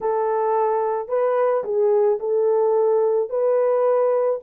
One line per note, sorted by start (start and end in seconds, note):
0.00 1.08 A4
1.08 1.63 B4
1.64 2.19 G#4
2.19 3.29 A4
3.29 4.39 B4